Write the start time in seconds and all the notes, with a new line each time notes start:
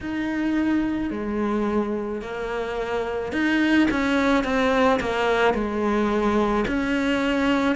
0.00 D#4
1.10 G#3
2.21 A#3
3.32 D#4
3.90 C#4
4.43 C4
4.99 A#3
5.54 G#3
6.67 C#4